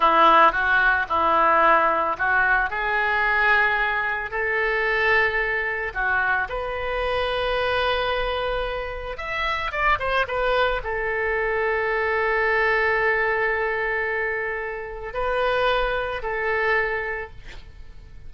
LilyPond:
\new Staff \with { instrumentName = "oboe" } { \time 4/4 \tempo 4 = 111 e'4 fis'4 e'2 | fis'4 gis'2. | a'2. fis'4 | b'1~ |
b'4 e''4 d''8 c''8 b'4 | a'1~ | a'1 | b'2 a'2 | }